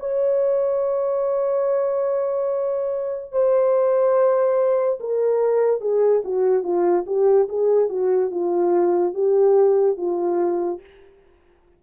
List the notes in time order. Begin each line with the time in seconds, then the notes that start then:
0.00 C#5
3.32 C5
5.00 A#4
5.81 G#4
6.25 F#4
6.64 F4
7.06 G4
7.49 G#4
7.89 F#4
8.31 F4
9.14 G4
9.98 F4